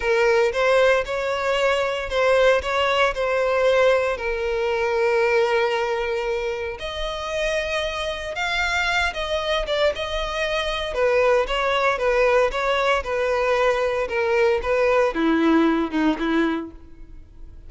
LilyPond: \new Staff \with { instrumentName = "violin" } { \time 4/4 \tempo 4 = 115 ais'4 c''4 cis''2 | c''4 cis''4 c''2 | ais'1~ | ais'4 dis''2. |
f''4. dis''4 d''8 dis''4~ | dis''4 b'4 cis''4 b'4 | cis''4 b'2 ais'4 | b'4 e'4. dis'8 e'4 | }